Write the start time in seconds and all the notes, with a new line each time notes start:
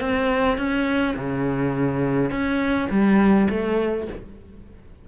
0.00 C4
0.57 C#4
1.16 C#3
2.31 C#4
2.90 G3
3.49 A3